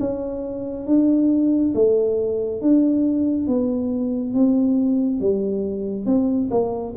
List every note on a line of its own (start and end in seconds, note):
0.00 0.87 C#4
0.87 1.74 D4
1.75 2.62 A3
2.62 3.47 D4
3.47 4.34 B3
4.34 5.21 C4
5.21 6.06 G3
6.06 6.50 C4
6.51 6.94 A#3